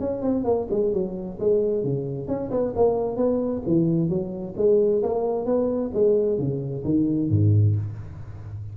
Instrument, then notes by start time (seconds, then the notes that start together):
tuba
0.00 C#4
0.22 C4
0.44 A#3
0.70 G#3
0.93 F#3
1.39 G#3
1.83 C#3
2.27 C#4
2.51 B3
2.75 A#3
3.16 B3
3.67 E3
4.09 F#3
4.57 G#3
5.03 A#3
5.45 B3
5.93 G#3
6.38 C#3
6.84 D#3
7.30 G#2